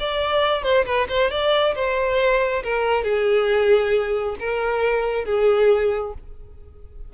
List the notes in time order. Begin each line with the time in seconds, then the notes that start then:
0.00 D5
0.63 C5
0.86 B4
1.08 C5
1.31 D5
1.75 C5
2.64 A#4
3.04 G#4
4.39 A#4
5.25 G#4